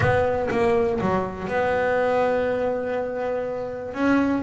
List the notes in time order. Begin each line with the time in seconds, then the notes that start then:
0.00 B3
0.50 A#3
1.00 F#3
1.48 B3
3.94 C#4